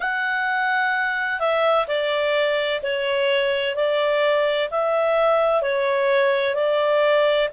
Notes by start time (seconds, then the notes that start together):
0.00 F#5
1.39 E5
1.87 D5
2.82 C#5
3.75 D5
4.70 E5
5.62 C#5
6.55 D5